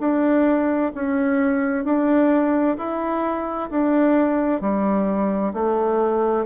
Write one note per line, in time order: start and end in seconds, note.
0.00 0.92 D4
0.95 1.85 C#4
1.85 2.77 D4
2.78 3.70 E4
3.70 4.61 D4
4.61 5.53 G3
5.54 6.46 A3